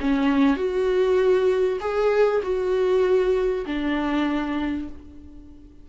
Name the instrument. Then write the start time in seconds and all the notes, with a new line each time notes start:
viola
0.00 C#4
0.56 F#4
1.80 G#4
2.42 F#4
3.66 D4